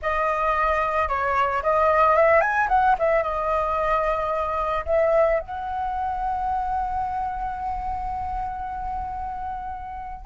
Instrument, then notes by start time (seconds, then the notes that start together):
flute
0.02 D#5
1.08 C#5
1.62 D#5
2.15 E5
2.40 G#5
2.68 F#5
2.98 E5
3.23 D#5
4.85 E5
5.40 F#5